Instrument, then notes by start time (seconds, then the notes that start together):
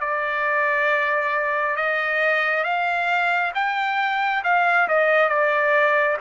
trumpet
0.00 D5
1.76 D#5
2.64 F5
3.55 G5
4.44 F5
4.88 D#5
5.29 D5